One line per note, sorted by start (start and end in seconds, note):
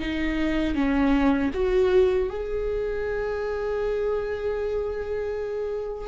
0.00 0.75 D#4
0.75 1.51 C#4
1.54 2.30 F#4
2.30 6.08 G#4